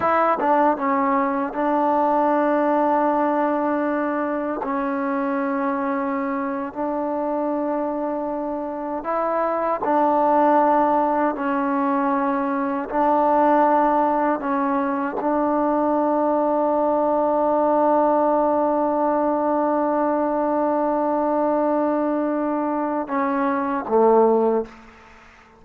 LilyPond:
\new Staff \with { instrumentName = "trombone" } { \time 4/4 \tempo 4 = 78 e'8 d'8 cis'4 d'2~ | d'2 cis'2~ | cis'8. d'2. e'16~ | e'8. d'2 cis'4~ cis'16~ |
cis'8. d'2 cis'4 d'16~ | d'1~ | d'1~ | d'2 cis'4 a4 | }